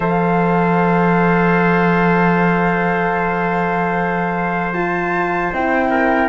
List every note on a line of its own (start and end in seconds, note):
0.00 5.50 F3
0.00 4.73 A4
0.00 5.90 C5
0.00 4.73 F5
4.73 5.52 F4
4.73 5.52 A5
5.53 6.28 C4
5.53 6.28 E4
5.53 6.28 G5
5.90 6.28 A#4